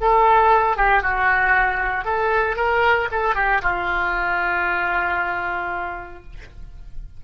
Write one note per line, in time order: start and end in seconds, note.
0.00 0.76 A4
0.76 1.02 G4
1.02 2.04 F#4
2.04 2.56 A4
2.56 3.08 A#4
3.11 3.35 A4
3.35 3.61 G4
3.62 6.23 F4